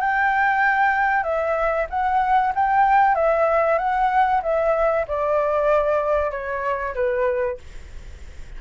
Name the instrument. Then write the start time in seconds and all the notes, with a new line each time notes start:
flute
0.00 G5
1.23 E5
1.89 F#5
2.55 G5
3.15 E5
3.78 F#5
4.42 E5
5.08 D5
6.31 C#5
6.94 B4